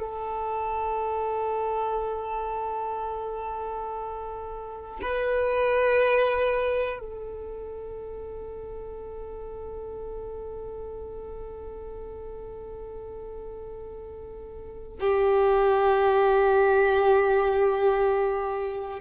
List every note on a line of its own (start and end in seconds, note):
0.00 5.00 A4
5.02 7.00 B4
7.00 15.00 A4
15.01 19.01 G4